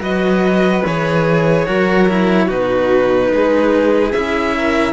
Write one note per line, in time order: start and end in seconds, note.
0.00 0.84 F#3
0.00 0.82 F#4
0.00 1.67 B4
0.00 0.85 D#5
0.85 1.67 E3
0.85 1.67 G#4
0.85 2.50 C#5
1.67 2.50 F#3
1.67 2.08 F#4
1.67 2.46 A#4
2.08 2.49 E4
2.46 3.32 B2
2.46 4.14 D#4
2.46 3.28 F#4
2.46 4.12 B4
3.32 4.14 G#3
3.32 4.57 G#4
4.12 4.93 C#4
4.12 4.93 E4
4.12 4.93 E5
4.57 4.93 A#4